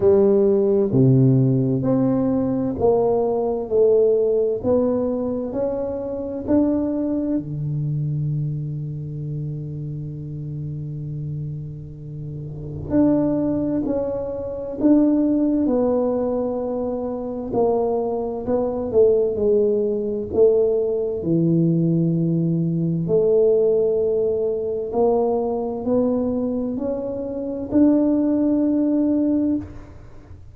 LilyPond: \new Staff \with { instrumentName = "tuba" } { \time 4/4 \tempo 4 = 65 g4 c4 c'4 ais4 | a4 b4 cis'4 d'4 | d1~ | d2 d'4 cis'4 |
d'4 b2 ais4 | b8 a8 gis4 a4 e4~ | e4 a2 ais4 | b4 cis'4 d'2 | }